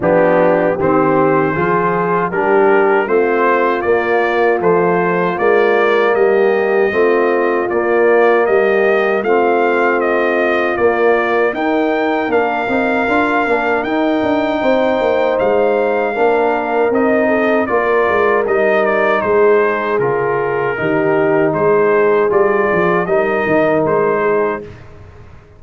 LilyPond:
<<
  \new Staff \with { instrumentName = "trumpet" } { \time 4/4 \tempo 4 = 78 g'4 c''2 ais'4 | c''4 d''4 c''4 d''4 | dis''2 d''4 dis''4 | f''4 dis''4 d''4 g''4 |
f''2 g''2 | f''2 dis''4 d''4 | dis''8 d''8 c''4 ais'2 | c''4 d''4 dis''4 c''4 | }
  \new Staff \with { instrumentName = "horn" } { \time 4/4 d'4 g'4 gis'4 g'4 | f'1 | g'4 f'2 g'4 | f'2. ais'4~ |
ais'2. c''4~ | c''4 ais'4. a'8 ais'4~ | ais'4 gis'2 g'4 | gis'2 ais'4. gis'8 | }
  \new Staff \with { instrumentName = "trombone" } { \time 4/4 b4 c'4 f'4 d'4 | c'4 ais4 f4 ais4~ | ais4 c'4 ais2 | c'2 ais4 dis'4 |
d'8 dis'8 f'8 d'8 dis'2~ | dis'4 d'4 dis'4 f'4 | dis'2 f'4 dis'4~ | dis'4 f'4 dis'2 | }
  \new Staff \with { instrumentName = "tuba" } { \time 4/4 f4 dis4 f4 g4 | a4 ais4 a4 gis4 | g4 a4 ais4 g4 | a2 ais4 dis'4 |
ais8 c'8 d'8 ais8 dis'8 d'8 c'8 ais8 | gis4 ais4 c'4 ais8 gis8 | g4 gis4 cis4 dis4 | gis4 g8 f8 g8 dis8 gis4 | }
>>